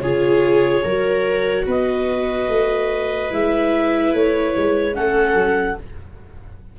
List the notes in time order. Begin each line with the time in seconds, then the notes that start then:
0.00 C#3 F4 G#4 C#5
0.83 F#3 F#4 A#4
1.66 B3 B4 D#5
2.48 A3
3.30 G#3 E4 E5
4.13 A3 C#5
4.57 G#3
4.93 A3 C#4 A4 F#5
5.34 F#3